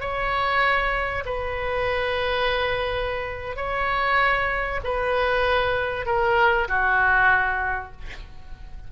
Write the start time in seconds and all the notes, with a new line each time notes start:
0.00 C#5
1.25 B4
3.56 C#5
4.84 B4
6.06 A#4
6.68 F#4